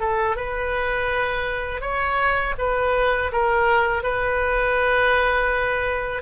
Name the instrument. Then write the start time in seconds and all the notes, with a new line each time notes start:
oboe
0.00 A4
0.37 B4
1.81 C#5
2.58 B4
3.32 A#4
4.03 B4